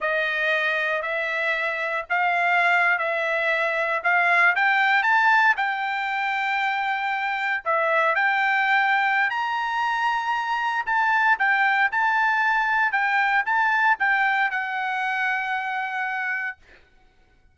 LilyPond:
\new Staff \with { instrumentName = "trumpet" } { \time 4/4 \tempo 4 = 116 dis''2 e''2 | f''4.~ f''16 e''2 f''16~ | f''8. g''4 a''4 g''4~ g''16~ | g''2~ g''8. e''4 g''16~ |
g''2 ais''2~ | ais''4 a''4 g''4 a''4~ | a''4 g''4 a''4 g''4 | fis''1 | }